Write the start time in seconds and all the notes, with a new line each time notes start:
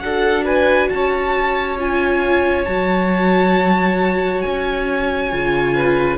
0.00 D4 F#4 A4 F#5
0.45 B4 G#5
0.89 C#4 C#5 A5
1.78 F4 G#5
2.65 F#3 F#4 A5
4.42 C#4 G#5
5.31 C#3 F4
5.75 B4